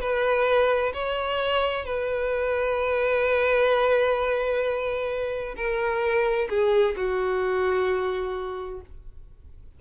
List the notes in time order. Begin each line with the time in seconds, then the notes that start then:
0.00 B4
0.93 C#5
1.85 B4
5.56 A#4
6.49 G#4
6.96 F#4